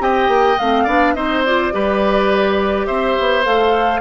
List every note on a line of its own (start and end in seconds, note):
0.00 0.28 C4
0.00 0.57 G4
0.00 0.84 D#5
0.00 0.59 G5
0.28 0.57 A#3
0.59 0.87 A3
0.59 0.87 C4
0.59 1.14 F5
0.84 1.16 B3
0.84 1.16 D4
0.84 1.13 D5
1.14 1.73 C4
1.14 1.44 D#4
1.14 1.74 C5
1.14 1.43 D#5
1.45 1.72 F4
1.45 2.87 D5
1.72 2.88 G3
1.72 3.44 G4
1.72 2.87 B4
2.87 3.17 C4
2.87 4.01 C5
2.87 3.44 E5
3.19 3.46 B3
3.44 4.01 A3
3.44 4.01 A4
3.44 4.01 F5